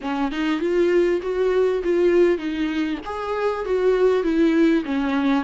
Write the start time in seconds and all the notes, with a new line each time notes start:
0.01 C#4
0.31 D#4
0.60 F4
1.21 F#4
1.83 F4
2.37 D#4
3.05 G#4
3.65 F#4
4.23 E4
4.85 C#4